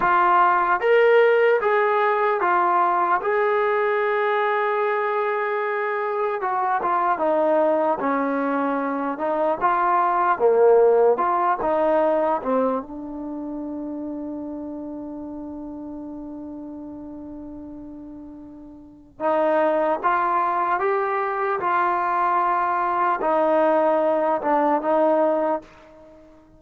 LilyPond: \new Staff \with { instrumentName = "trombone" } { \time 4/4 \tempo 4 = 75 f'4 ais'4 gis'4 f'4 | gis'1 | fis'8 f'8 dis'4 cis'4. dis'8 | f'4 ais4 f'8 dis'4 c'8 |
d'1~ | d'1 | dis'4 f'4 g'4 f'4~ | f'4 dis'4. d'8 dis'4 | }